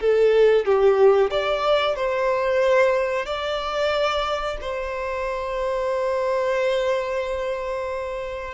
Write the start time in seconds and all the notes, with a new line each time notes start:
0.00 A4
0.65 G4
1.30 D5
1.95 C5
3.25 D5
4.61 C5